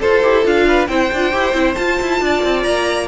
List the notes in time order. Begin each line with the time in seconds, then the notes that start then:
0.00 F4 A4 C5
0.23 E4 G4
0.44 D4 F4 F5
0.67 B4
0.87 C4 E4 C5 G5
1.13 D4 F4
1.32 E4 G4
1.53 C4 E4
1.75 F4 A5
2.01 E4
2.21 D4 D5
2.44 C4
2.63 A#3 A#5